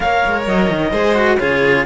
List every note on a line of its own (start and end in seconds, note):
0.00 0.23 A#3
0.00 0.93 A#4
0.00 0.91 C#5
0.00 0.42 F5
0.25 0.47 G#3
0.47 0.69 F#3
0.47 1.39 D#5
0.69 0.91 D#3
0.91 1.38 G#3
0.91 1.14 G#4
0.91 1.37 C5
1.14 1.38 F#4
1.39 1.85 C#3
1.39 1.85 F4
1.39 1.85 G#4
1.39 1.85 C#5